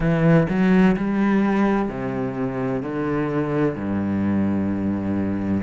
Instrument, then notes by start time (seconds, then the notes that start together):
cello
0.00 E3
0.49 F#3
0.96 G3
1.88 C3
2.82 D3
3.75 G2